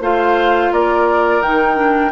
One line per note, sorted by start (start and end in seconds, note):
0.00 0.71 A3
0.00 1.42 F4
0.00 0.72 C5
0.00 0.73 F5
0.71 1.41 A#3
0.71 2.12 A#4
0.71 1.42 D5
1.41 2.12 D#3
1.41 1.75 D#4
1.41 2.12 G5
1.75 2.10 D4